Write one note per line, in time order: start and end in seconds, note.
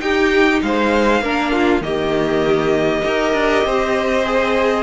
0.00 1.21 D#4
0.00 0.62 D#4
0.00 0.63 G4
0.00 0.61 G5
0.62 1.21 G#3
0.62 1.22 C5
0.62 1.82 F5
1.21 1.81 A#3
1.21 1.82 D4
1.21 1.52 A#4
1.52 1.82 F4
1.81 3.02 D#3
1.81 3.03 A#3
1.81 3.05 G4
1.81 4.83 D#5
3.03 3.33 D#4
3.03 4.24 G4
3.03 3.66 A#4
3.33 3.64 D4
3.64 4.83 C4
3.64 4.83 C5
4.25 4.83 G#4